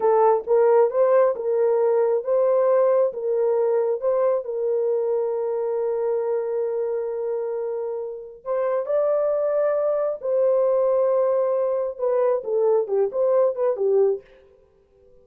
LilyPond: \new Staff \with { instrumentName = "horn" } { \time 4/4 \tempo 4 = 135 a'4 ais'4 c''4 ais'4~ | ais'4 c''2 ais'4~ | ais'4 c''4 ais'2~ | ais'1~ |
ais'2. c''4 | d''2. c''4~ | c''2. b'4 | a'4 g'8 c''4 b'8 g'4 | }